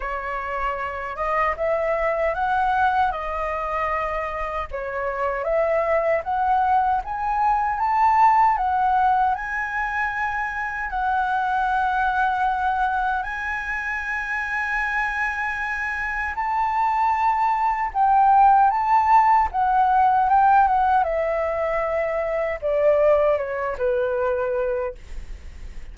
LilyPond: \new Staff \with { instrumentName = "flute" } { \time 4/4 \tempo 4 = 77 cis''4. dis''8 e''4 fis''4 | dis''2 cis''4 e''4 | fis''4 gis''4 a''4 fis''4 | gis''2 fis''2~ |
fis''4 gis''2.~ | gis''4 a''2 g''4 | a''4 fis''4 g''8 fis''8 e''4~ | e''4 d''4 cis''8 b'4. | }